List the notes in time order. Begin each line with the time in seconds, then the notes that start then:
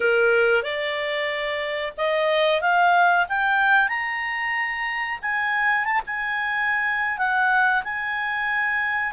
0.00 A#4
0.62 D5
1.97 D#5
2.61 F5
3.28 G5
3.88 A#5
5.22 G#5
5.84 A5
6.06 G#5
7.17 F#5
7.83 G#5